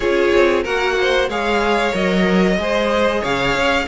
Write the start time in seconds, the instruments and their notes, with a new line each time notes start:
0.00 cello C#4, viola F4, violin G#4 C#5
0.33 cello C4
0.63 cello A#3, viola F#4, violin A#4 F#5
1.00 violin C5
1.28 cello G#3, viola G#4, violin C#5 F5
1.92 cello F#3, viola A#4, violin D#5
2.57 cello G#3, viola G#4, violin C5
3.21 cello C#3, violin C#5 F5
3.55 cello C#4